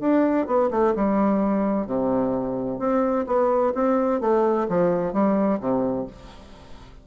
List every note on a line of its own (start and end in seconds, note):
0.00 0.47 D4
0.47 0.70 B3
0.71 0.94 A3
0.95 1.87 G3
1.87 2.79 C3
2.79 3.25 C4
3.26 3.73 B3
3.75 4.21 C4
4.21 4.67 A3
4.68 5.13 F3
5.13 5.60 G3
5.60 6.07 C3